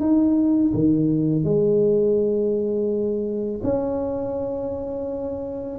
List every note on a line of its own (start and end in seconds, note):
0.00 0.72 D#4
0.74 1.44 D#3
1.44 3.61 G#3
3.63 5.79 C#4